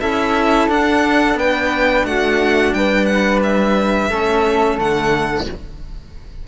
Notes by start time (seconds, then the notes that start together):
0.00 C#4 E4 A4 E5
0.68 D4 F#5
1.35 B3 B4 G5
2.05 A3 F#4 F#5
2.74 G3 B4 G5
3.05 F#5
3.43 E5
4.10 A3 C#4 A4
4.78 D3 A3 F#5